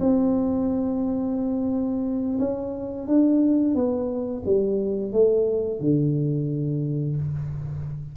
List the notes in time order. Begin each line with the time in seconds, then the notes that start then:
0.00 C4
2.39 C#4
3.07 D4
3.75 B3
4.46 G3
5.13 A3
5.80 D3